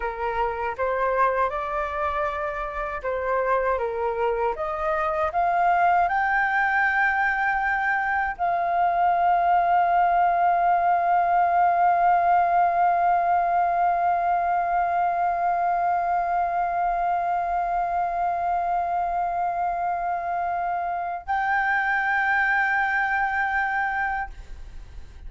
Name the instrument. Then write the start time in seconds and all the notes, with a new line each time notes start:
flute
0.00 A#4
0.77 C5
1.49 D5
3.02 C5
3.78 A#4
4.55 D#5
5.32 F5
6.08 G5
8.38 F5
21.26 G5